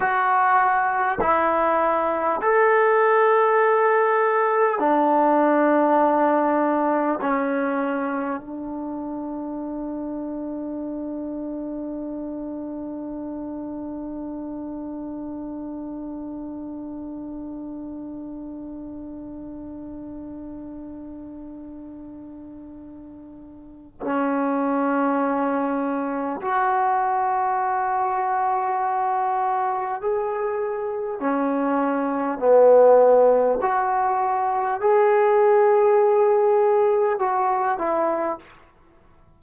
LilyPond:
\new Staff \with { instrumentName = "trombone" } { \time 4/4 \tempo 4 = 50 fis'4 e'4 a'2 | d'2 cis'4 d'4~ | d'1~ | d'1~ |
d'1 | cis'2 fis'2~ | fis'4 gis'4 cis'4 b4 | fis'4 gis'2 fis'8 e'8 | }